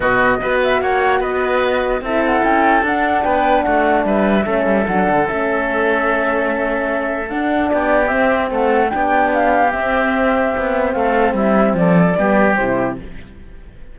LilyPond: <<
  \new Staff \with { instrumentName = "flute" } { \time 4/4 \tempo 4 = 148 dis''4. e''8 fis''4 dis''4~ | dis''4 e''8 fis''8 g''4 fis''4 | g''4 fis''4 e''2 | fis''4 e''2.~ |
e''2 fis''4 d''4 | e''4 fis''4 g''4 f''4 | e''2. f''4 | e''4 d''2 c''4 | }
  \new Staff \with { instrumentName = "oboe" } { \time 4/4 fis'4 b'4 cis''4 b'4~ | b'4 a'2. | b'4 fis'4 b'4 a'4~ | a'1~ |
a'2. g'4~ | g'4 a'4 g'2~ | g'2. a'4 | e'4 a'4 g'2 | }
  \new Staff \with { instrumentName = "horn" } { \time 4/4 b4 fis'2.~ | fis'4 e'2 d'4~ | d'2. cis'4 | d'4 cis'2.~ |
cis'2 d'2 | c'2 d'2 | c'1~ | c'2 b4 e'4 | }
  \new Staff \with { instrumentName = "cello" } { \time 4/4 b,4 b4 ais4 b4~ | b4 c'4 cis'4 d'4 | b4 a4 g4 a8 g8 | fis8 d8 a2.~ |
a2 d'4 b4 | c'4 a4 b2 | c'2 b4 a4 | g4 f4 g4 c4 | }
>>